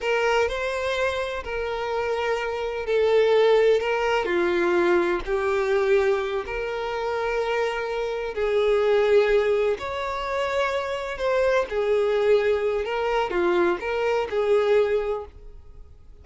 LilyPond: \new Staff \with { instrumentName = "violin" } { \time 4/4 \tempo 4 = 126 ais'4 c''2 ais'4~ | ais'2 a'2 | ais'4 f'2 g'4~ | g'4. ais'2~ ais'8~ |
ais'4. gis'2~ gis'8~ | gis'8 cis''2. c''8~ | c''8 gis'2~ gis'8 ais'4 | f'4 ais'4 gis'2 | }